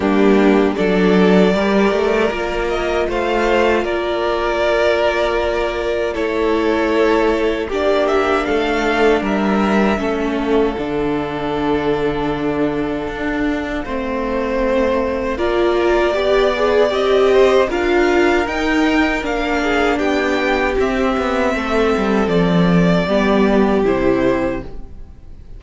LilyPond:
<<
  \new Staff \with { instrumentName = "violin" } { \time 4/4 \tempo 4 = 78 g'4 d''2~ d''8 dis''8 | f''4 d''2. | cis''2 d''8 e''8 f''4 | e''4. f''2~ f''8~ |
f''1 | d''2 dis''4 f''4 | g''4 f''4 g''4 e''4~ | e''4 d''2 c''4 | }
  \new Staff \with { instrumentName = "violin" } { \time 4/4 d'4 a'4 ais'2 | c''4 ais'2. | a'2 g'4 a'4 | ais'4 a'2.~ |
a'2 c''2 | ais'4 d''4. c''8 ais'4~ | ais'4. gis'8 g'2 | a'2 g'2 | }
  \new Staff \with { instrumentName = "viola" } { \time 4/4 ais4 d'4 g'4 f'4~ | f'1 | e'2 d'2~ | d'4 cis'4 d'2~ |
d'2 c'2 | f'4 g'8 gis'8 g'4 f'4 | dis'4 d'2 c'4~ | c'2 b4 e'4 | }
  \new Staff \with { instrumentName = "cello" } { \time 4/4 g4 fis4 g8 a8 ais4 | a4 ais2. | a2 ais4 a4 | g4 a4 d2~ |
d4 d'4 a2 | ais4 b4 c'4 d'4 | dis'4 ais4 b4 c'8 b8 | a8 g8 f4 g4 c4 | }
>>